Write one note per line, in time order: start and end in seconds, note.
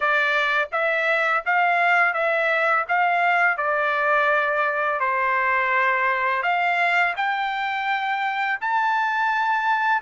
0.00 0.68 D5
0.72 1.43 E5
1.45 2.13 F5
2.13 2.85 E5
2.88 3.57 F5
3.57 4.99 D5
4.99 6.42 C5
6.42 7.14 F5
7.16 8.59 G5
8.60 10.01 A5